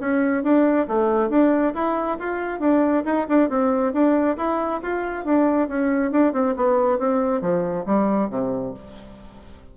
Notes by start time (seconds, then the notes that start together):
0.00 C#4
0.43 D4
0.87 A3
1.29 D4
1.74 E4
2.19 F4
2.60 D4
3.05 D#4
3.28 D4
3.49 C4
3.93 D4
4.37 E4
4.82 F4
5.25 D4
5.68 C#4
6.11 D4
6.33 C4
6.56 B3
6.98 C4
7.41 F3
7.86 G3
8.30 C3